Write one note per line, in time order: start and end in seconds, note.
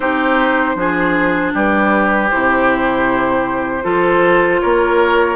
0.00 0.75 C4
0.00 0.75 D#4
0.00 0.76 G4
0.00 1.53 C5
0.75 1.52 F3
0.75 2.29 D4
0.75 1.53 G#4
1.53 2.31 G3
1.53 3.84 G4
1.53 2.30 B4
2.30 3.83 C3
2.30 3.82 E4
2.30 4.60 C5
3.82 4.60 F3
3.82 5.36 F4
3.82 4.61 A4
4.60 5.36 A#3
4.60 5.36 A#4
4.60 5.36 C#5